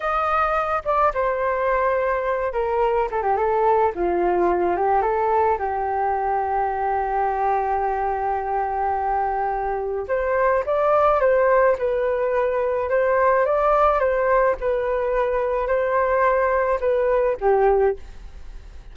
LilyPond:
\new Staff \with { instrumentName = "flute" } { \time 4/4 \tempo 4 = 107 dis''4. d''8 c''2~ | c''8 ais'4 a'16 g'16 a'4 f'4~ | f'8 g'8 a'4 g'2~ | g'1~ |
g'2 c''4 d''4 | c''4 b'2 c''4 | d''4 c''4 b'2 | c''2 b'4 g'4 | }